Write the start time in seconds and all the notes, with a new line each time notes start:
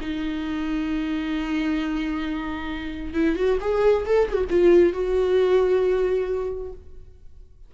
0.00 D#4
3.14 E4
3.35 F#4
3.60 G#4
4.05 A4
4.28 F#4 G#4
4.50 F4
4.93 F#4